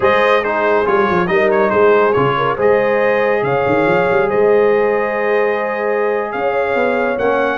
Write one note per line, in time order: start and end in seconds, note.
0.00 0.84 G#3
0.00 0.41 G#4
0.00 0.42 C5
0.00 0.44 D#5
0.42 0.85 D#4
0.42 1.27 G#4
0.42 0.86 C5
0.85 1.08 G3
0.85 1.27 F4
0.85 1.27 C#5
1.10 1.28 F3
1.27 1.71 G3
1.27 2.13 D#4
1.27 1.70 A#4
1.27 1.48 D#5
1.50 1.70 C#5
1.70 2.14 G#3
1.70 2.34 G#4
1.70 2.13 C5
2.13 2.57 C#3
2.13 2.57 F4
2.13 2.55 C#5
2.37 2.56 A#4
2.56 3.42 G#3
2.56 7.18 G#4
2.56 3.41 C5
2.56 3.43 D#5
3.42 3.64 C#3
3.42 4.28 C#5
3.42 4.29 F5
3.66 3.86 D#3
3.86 4.07 F3
4.10 4.31 G3
4.28 6.34 G#3
4.28 6.32 C5
4.28 6.32 D#5
6.32 6.74 C#4
6.32 7.57 C#5
6.32 7.17 F5
6.74 7.17 B3
7.18 7.57 A#3
7.18 7.57 C#4
7.18 7.57 F#5